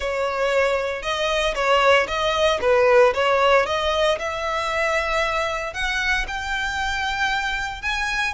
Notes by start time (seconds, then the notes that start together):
0.00 C#5
1.02 D#5
1.54 C#5
2.07 D#5
2.61 B4
3.14 C#5
3.66 D#5
4.19 E5
5.73 F#5
6.28 G5
7.82 G#5